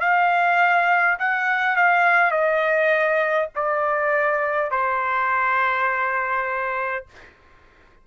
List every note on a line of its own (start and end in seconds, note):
0.00 1.18 F5
1.19 1.76 F#5
1.76 2.31 F5
2.31 3.49 D#5
3.55 4.71 D5
4.71 7.06 C5